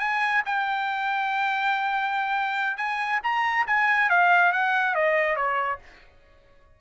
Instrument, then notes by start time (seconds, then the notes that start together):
trumpet
0.00 G#5
0.46 G5
2.78 G#5
3.24 A#5
3.67 G#5
4.10 F5
4.53 F#5
4.95 D#5
5.36 C#5